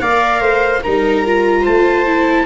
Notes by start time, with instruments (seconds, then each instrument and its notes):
0.00 tuba A#3, viola A#4 D5, trumpet F5
0.40 tuba A3, viola C5
0.83 tuba G3, viola D#4 A#4, trumpet A#5
1.26 viola F4
1.62 tuba A3, viola C5, trumpet A5
2.06 viola E4